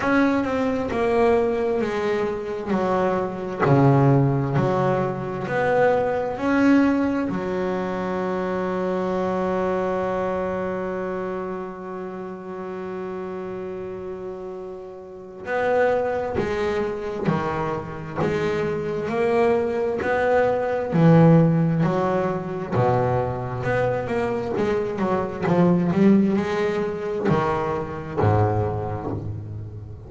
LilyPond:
\new Staff \with { instrumentName = "double bass" } { \time 4/4 \tempo 4 = 66 cis'8 c'8 ais4 gis4 fis4 | cis4 fis4 b4 cis'4 | fis1~ | fis1~ |
fis4 b4 gis4 dis4 | gis4 ais4 b4 e4 | fis4 b,4 b8 ais8 gis8 fis8 | f8 g8 gis4 dis4 gis,4 | }